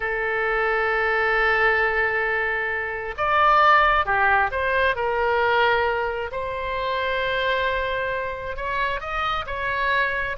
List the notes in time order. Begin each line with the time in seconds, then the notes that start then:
0.00 A4
3.17 D5
4.05 G4
4.51 C5
4.95 A#4
6.31 C5
8.56 C#5
9.00 D#5
9.46 C#5